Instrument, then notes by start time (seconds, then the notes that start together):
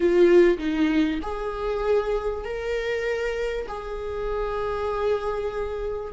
viola
0.00 F4
0.58 D#4
1.22 G#4
2.44 A#4
3.68 G#4